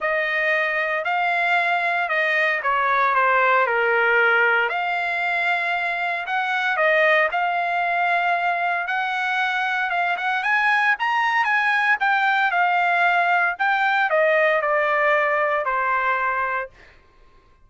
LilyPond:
\new Staff \with { instrumentName = "trumpet" } { \time 4/4 \tempo 4 = 115 dis''2 f''2 | dis''4 cis''4 c''4 ais'4~ | ais'4 f''2. | fis''4 dis''4 f''2~ |
f''4 fis''2 f''8 fis''8 | gis''4 ais''4 gis''4 g''4 | f''2 g''4 dis''4 | d''2 c''2 | }